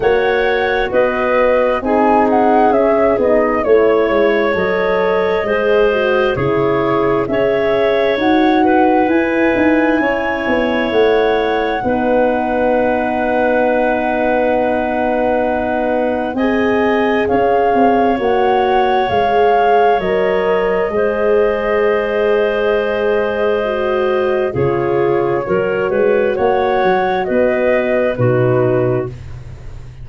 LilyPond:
<<
  \new Staff \with { instrumentName = "flute" } { \time 4/4 \tempo 4 = 66 fis''4 dis''4 gis''8 fis''8 e''8 dis''8 | cis''4 dis''2 cis''4 | e''4 fis''4 gis''2 | fis''1~ |
fis''2 gis''4 f''4 | fis''4 f''4 dis''2~ | dis''2. cis''4~ | cis''4 fis''4 dis''4 b'4 | }
  \new Staff \with { instrumentName = "clarinet" } { \time 4/4 cis''4 b'4 gis'2 | cis''2 c''4 gis'4 | cis''4. b'4. cis''4~ | cis''4 b'2.~ |
b'2 dis''4 cis''4~ | cis''2. c''4~ | c''2. gis'4 | ais'8 b'8 cis''4 b'4 fis'4 | }
  \new Staff \with { instrumentName = "horn" } { \time 4/4 fis'2 dis'4 cis'8 dis'8 | e'4 a'4 gis'8 fis'8 e'4 | gis'4 fis'4 e'2~ | e'4 dis'2.~ |
dis'2 gis'2 | fis'4 gis'4 ais'4 gis'4~ | gis'2 fis'4 f'4 | fis'2. dis'4 | }
  \new Staff \with { instrumentName = "tuba" } { \time 4/4 ais4 b4 c'4 cis'8 b8 | a8 gis8 fis4 gis4 cis4 | cis'4 dis'4 e'8 dis'8 cis'8 b8 | a4 b2.~ |
b2 c'4 cis'8 c'8 | ais4 gis4 fis4 gis4~ | gis2. cis4 | fis8 gis8 ais8 fis8 b4 b,4 | }
>>